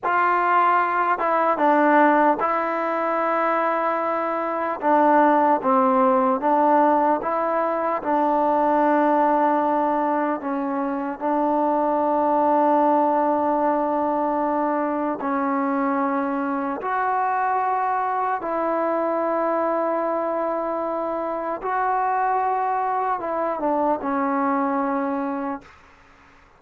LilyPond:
\new Staff \with { instrumentName = "trombone" } { \time 4/4 \tempo 4 = 75 f'4. e'8 d'4 e'4~ | e'2 d'4 c'4 | d'4 e'4 d'2~ | d'4 cis'4 d'2~ |
d'2. cis'4~ | cis'4 fis'2 e'4~ | e'2. fis'4~ | fis'4 e'8 d'8 cis'2 | }